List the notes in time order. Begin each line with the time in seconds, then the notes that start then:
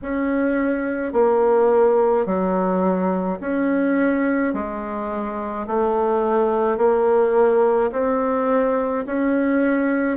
0.02 C#4
1.12 A#3
2.25 F#3
3.40 C#4
4.53 G#3
5.67 A3
6.77 A#3
7.91 C4
9.06 C#4